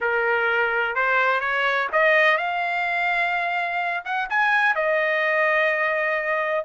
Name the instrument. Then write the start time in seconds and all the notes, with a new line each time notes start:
trumpet
0.00 A#4
0.95 C5
1.40 C#5
1.92 D#5
2.37 F5
4.05 F#5
4.29 G#5
4.75 D#5